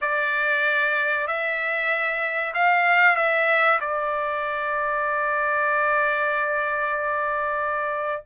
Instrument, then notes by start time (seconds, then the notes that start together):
trumpet
0.01 D5
1.27 E5
2.53 F5
3.16 E5
3.80 D5